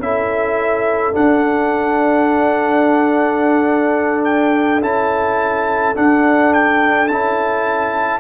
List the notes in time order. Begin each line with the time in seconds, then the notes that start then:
0.00 C#4 E4 A4 E5
1.13 D4 F#5
4.25 G5
4.82 C#4 E4 A5
5.95 D4 F#5
6.54 G5
7.08 C#4 E4 A5